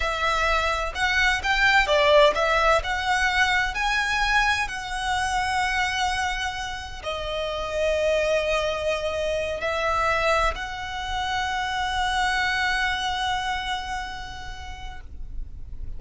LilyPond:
\new Staff \with { instrumentName = "violin" } { \time 4/4 \tempo 4 = 128 e''2 fis''4 g''4 | d''4 e''4 fis''2 | gis''2 fis''2~ | fis''2. dis''4~ |
dis''1~ | dis''8 e''2 fis''4.~ | fis''1~ | fis''1 | }